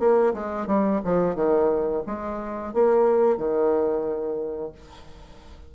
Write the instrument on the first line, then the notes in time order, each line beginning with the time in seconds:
bassoon
0.00 A#3
0.34 G#3
0.67 G3
1.05 F3
1.36 D#3
2.07 G#3
2.74 A#3
3.38 D#3